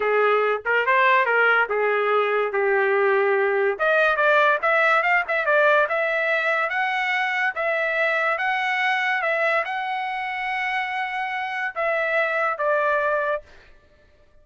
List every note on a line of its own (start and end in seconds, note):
0.00 0.62 G#4
0.65 0.86 A#4
0.86 1.25 C5
1.25 1.67 A#4
1.69 2.52 G#4
2.52 3.78 G4
3.78 4.16 D#5
4.16 4.58 D5
4.62 5.02 E5
5.02 5.23 F5
5.28 5.45 E5
5.45 5.87 D5
5.88 6.69 E5
6.69 7.53 F#5
7.55 8.37 E5
8.37 9.21 F#5
9.22 9.64 E5
9.64 11.74 F#5
11.75 12.58 E5
12.58 13.42 D5